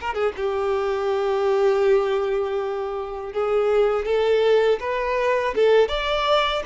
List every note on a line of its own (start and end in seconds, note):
0.00 0.14 A#4
0.14 0.32 G#4
0.36 3.33 G4
3.33 4.05 G#4
4.05 4.79 A4
4.80 5.54 B4
5.55 5.88 A4
5.88 6.62 D5